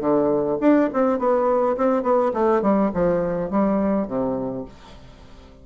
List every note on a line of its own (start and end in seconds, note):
0.00 0.58 D3
0.61 0.89 D4
0.93 1.19 C4
1.19 1.76 B3
1.77 2.03 C4
2.03 2.32 B3
2.34 2.62 A3
2.62 2.91 G3
2.94 3.50 F3
3.50 4.08 G3
4.08 4.65 C3